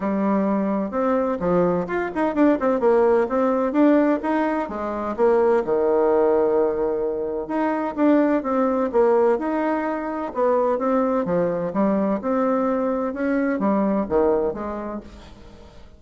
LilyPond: \new Staff \with { instrumentName = "bassoon" } { \time 4/4 \tempo 4 = 128 g2 c'4 f4 | f'8 dis'8 d'8 c'8 ais4 c'4 | d'4 dis'4 gis4 ais4 | dis1 |
dis'4 d'4 c'4 ais4 | dis'2 b4 c'4 | f4 g4 c'2 | cis'4 g4 dis4 gis4 | }